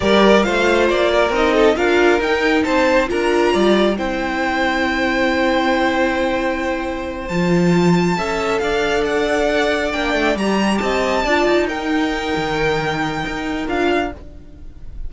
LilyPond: <<
  \new Staff \with { instrumentName = "violin" } { \time 4/4 \tempo 4 = 136 d''4 f''4 d''4 dis''4 | f''4 g''4 a''4 ais''4~ | ais''4 g''2.~ | g''1~ |
g''8 a''2. f''8~ | f''8 fis''2 g''4 ais''8~ | ais''8 a''2 g''4.~ | g''2. f''4 | }
  \new Staff \with { instrumentName = "violin" } { \time 4/4 ais'4 c''4. ais'4 a'8 | ais'2 c''4 ais'4 | d''4 c''2.~ | c''1~ |
c''2~ c''8 e''4 d''8~ | d''1~ | d''8 dis''4 d''4 ais'4.~ | ais'1 | }
  \new Staff \with { instrumentName = "viola" } { \time 4/4 g'4 f'2 dis'4 | f'4 dis'2 f'4~ | f'4 e'2.~ | e'1~ |
e'8 f'2 a'4.~ | a'2~ a'8 d'4 g'8~ | g'4. f'4 dis'4.~ | dis'2. f'4 | }
  \new Staff \with { instrumentName = "cello" } { \time 4/4 g4 a4 ais4 c'4 | d'4 dis'4 c'4 d'4 | g4 c'2.~ | c'1~ |
c'8 f2 cis'4 d'8~ | d'2~ d'8 ais8 a8 g8~ | g8 c'4 d'8 dis'2 | dis2 dis'4 d'4 | }
>>